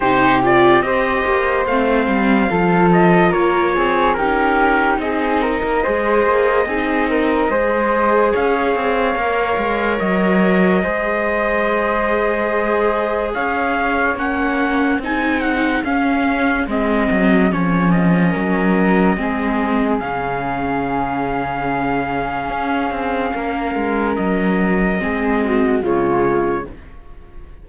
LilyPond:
<<
  \new Staff \with { instrumentName = "trumpet" } { \time 4/4 \tempo 4 = 72 c''8 d''8 dis''4 f''4. dis''8 | cis''4 ais'4 dis''2~ | dis''2 f''2 | dis''1 |
f''4 fis''4 gis''8 fis''8 f''4 | dis''4 cis''8 dis''2~ dis''8 | f''1~ | f''4 dis''2 cis''4 | }
  \new Staff \with { instrumentName = "flute" } { \time 4/4 g'4 c''2 a'4 | ais'8 gis'8 g'4 gis'8 ais'8 c''4 | gis'8 ais'8 c''4 cis''2~ | cis''4 c''2. |
cis''2 gis'2~ | gis'2 ais'4 gis'4~ | gis'1 | ais'2 gis'8 fis'8 f'4 | }
  \new Staff \with { instrumentName = "viola" } { \time 4/4 dis'8 f'8 g'4 c'4 f'4~ | f'4 dis'2 gis'4 | dis'4 gis'2 ais'4~ | ais'4 gis'2.~ |
gis'4 cis'4 dis'4 cis'4 | c'4 cis'2 c'4 | cis'1~ | cis'2 c'4 gis4 | }
  \new Staff \with { instrumentName = "cello" } { \time 4/4 c4 c'8 ais8 a8 g8 f4 | ais8 c'8 cis'4 c'8. ais16 gis8 ais8 | c'4 gis4 cis'8 c'8 ais8 gis8 | fis4 gis2. |
cis'4 ais4 c'4 cis'4 | gis8 fis8 f4 fis4 gis4 | cis2. cis'8 c'8 | ais8 gis8 fis4 gis4 cis4 | }
>>